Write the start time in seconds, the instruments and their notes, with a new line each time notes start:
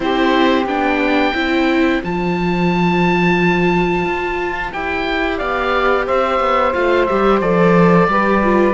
0.00 cello C4, viola E4, saxophone G4, oboe C5
0.65 cello B3, viola D4, oboe G5
1.34 cello C4, viola E4, saxophone C5
2.03 cello F3, viola F4, oboe A5
4.05 cello F4
4.72 cello E4, viola G4, oboe G5
5.37 cello B3, saxophone D5, oboe F5
6.06 cello C4, saxophone C5, oboe E5
6.39 cello B3
6.73 cello A3, viola F4, oboe F5
7.06 cello G3, viola G4, oboe E5
7.41 cello F3, viola A4, oboe D5
8.07 cello G3, viola G4, saxophone B4
8.43 viola F4